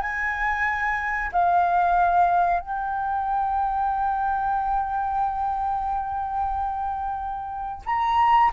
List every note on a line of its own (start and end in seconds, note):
0.00 1.30 G#5
1.32 2.60 F5
2.60 7.82 G5
7.86 8.51 A#5